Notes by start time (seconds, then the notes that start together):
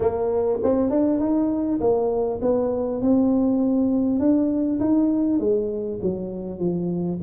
0.00 A#3
0.63 C4
0.90 D4
1.19 D#4
1.80 A#3
2.41 B3
3.01 C4
4.19 D4
4.80 D#4
5.39 G#3
6.02 F#3
6.59 F3